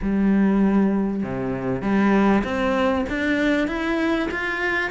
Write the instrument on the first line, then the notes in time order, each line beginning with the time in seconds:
cello
0.02 G3
1.23 C3
1.82 G3
2.44 C4
3.09 D4
3.67 E4
4.31 F4